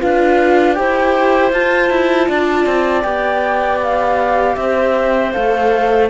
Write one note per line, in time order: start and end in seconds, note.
0.00 0.79 D4
0.00 0.75 F4
0.00 0.77 B4
0.00 0.74 F5
0.74 1.53 E4
0.74 1.51 G4
0.74 2.28 C5
0.74 1.50 G5
1.52 3.04 F4
1.52 1.91 F4
1.52 3.03 A5
1.91 2.28 E4
2.28 2.66 D4
2.28 4.56 D5
2.66 3.04 C4
3.03 4.57 B3
3.03 5.33 G4
3.03 3.79 G5
3.83 4.56 F5
4.56 5.33 C4
4.56 6.10 C5
4.56 5.32 E5
5.33 6.10 A3
5.33 6.10 A4
5.33 6.09 F5